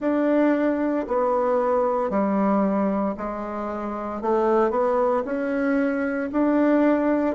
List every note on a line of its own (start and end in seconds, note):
0.00 1.05 D4
1.07 2.10 B3
2.10 3.15 G3
3.17 4.21 G#3
4.21 4.70 A3
4.70 5.23 B3
5.24 6.30 C#4
6.32 7.35 D4